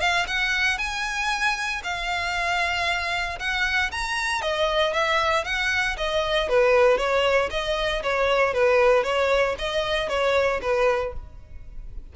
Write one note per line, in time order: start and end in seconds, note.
0.00 0.26 F5
0.27 0.78 F#5
0.78 1.81 G#5
1.83 3.38 F5
3.39 3.90 F#5
3.91 4.41 A#5
4.41 4.93 D#5
4.93 5.44 E5
5.44 5.96 F#5
5.97 6.49 D#5
6.49 6.97 B4
6.97 7.49 C#5
7.50 8.02 D#5
8.02 8.53 C#5
8.53 9.04 B4
9.04 9.55 C#5
9.58 10.08 D#5
10.08 10.60 C#5
10.61 11.13 B4